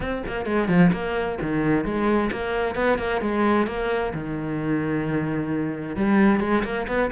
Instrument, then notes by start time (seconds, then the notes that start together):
cello
0.00 C4
0.26 A#3
0.45 G#3
0.68 F3
0.92 A#3
1.41 D#3
1.84 G#3
2.31 A#3
2.75 B3
2.98 A#3
3.21 G#3
3.66 A#3
4.14 D#3
5.96 G3
6.40 G#3
6.64 A#3
6.87 B3